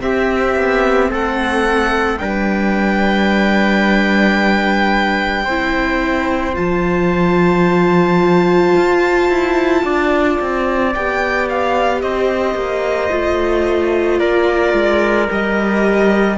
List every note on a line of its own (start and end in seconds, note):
0.00 2.18 C4
0.00 0.56 C4
0.00 1.10 G4
0.00 1.10 E5
0.56 1.10 B3
1.10 2.20 A3
1.10 2.19 A4
1.10 2.18 F#5
2.18 5.47 G3
2.18 5.47 D4
2.18 5.44 B4
2.18 6.54 G5
5.44 6.56 C4
5.44 6.54 E4
5.44 9.81 C5
6.54 8.75 F3
6.54 10.90 F4
6.54 10.93 A5
8.77 9.29 F4
9.29 9.83 E4
9.84 10.38 D4
9.84 12.02 D5
10.41 10.95 C4
10.94 12.02 B3
10.94 13.10 G4
10.94 11.48 G5
11.49 12.01 F5
12.01 12.54 C4
12.01 14.19 C5
12.01 14.19 D#5
12.54 13.09 A#3
13.10 14.20 A3
13.10 15.28 F4
14.19 14.73 A#3
14.19 16.37 A#4
14.19 15.28 D5
14.73 15.28 G#3
15.28 16.38 G3
15.28 16.37 G4
15.28 16.38 D#5